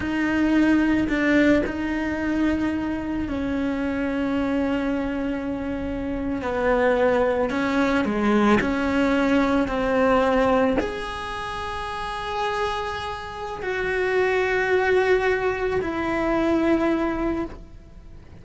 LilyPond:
\new Staff \with { instrumentName = "cello" } { \time 4/4 \tempo 4 = 110 dis'2 d'4 dis'4~ | dis'2 cis'2~ | cis'2.~ cis'8. b16~ | b4.~ b16 cis'4 gis4 cis'16~ |
cis'4.~ cis'16 c'2 gis'16~ | gis'1~ | gis'4 fis'2.~ | fis'4 e'2. | }